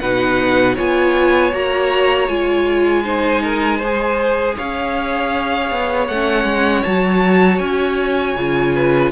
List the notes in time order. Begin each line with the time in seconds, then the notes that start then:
0.00 B2 D#4 B4 F#5
0.75 B3 F4 C#5 G#5
1.52 A#3 F#4 A#5
2.28 G#3 F4 G#5
3.05 D#4 C5
3.43 A#4
3.79 G#4 C5
4.57 C#4 C#5 F5
5.71 B3
6.08 A3 F#5
6.14 C#4
6.45 G#3
6.83 F#3 F#4 A5
7.59 C#4 G#5
8.36 C#3 F4
8.75 B4